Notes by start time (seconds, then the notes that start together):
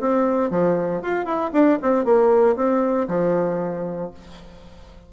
0.00 C4
0.51 F3
1.02 F4
1.25 E4
1.53 D4
1.82 C4
2.05 A#3
2.56 C4
3.08 F3